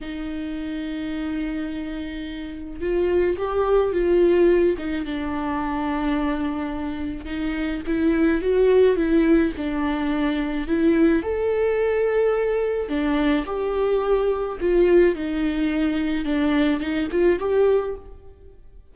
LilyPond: \new Staff \with { instrumentName = "viola" } { \time 4/4 \tempo 4 = 107 dis'1~ | dis'4 f'4 g'4 f'4~ | f'8 dis'8 d'2.~ | d'4 dis'4 e'4 fis'4 |
e'4 d'2 e'4 | a'2. d'4 | g'2 f'4 dis'4~ | dis'4 d'4 dis'8 f'8 g'4 | }